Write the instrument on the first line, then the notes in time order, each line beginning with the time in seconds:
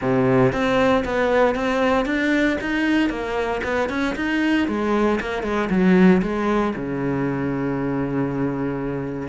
cello
0.01 C3
0.52 C4
1.04 B3
1.55 C4
2.05 D4
2.61 D#4
3.09 A#3
3.63 B3
3.89 C#4
4.15 D#4
4.67 G#3
5.20 A#3
5.43 G#3
5.69 F#3
6.22 G#3
6.75 C#3